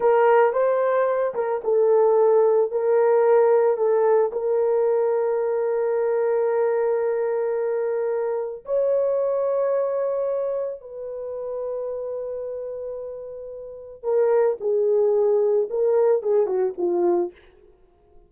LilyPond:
\new Staff \with { instrumentName = "horn" } { \time 4/4 \tempo 4 = 111 ais'4 c''4. ais'8 a'4~ | a'4 ais'2 a'4 | ais'1~ | ais'1 |
cis''1 | b'1~ | b'2 ais'4 gis'4~ | gis'4 ais'4 gis'8 fis'8 f'4 | }